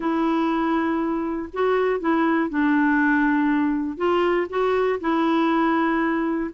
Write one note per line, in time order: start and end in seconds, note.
0.00 1.49 E4
1.52 2.00 F#4
2.00 2.49 E4
2.49 3.97 D4
3.97 4.47 F4
4.49 4.99 F#4
5.00 6.50 E4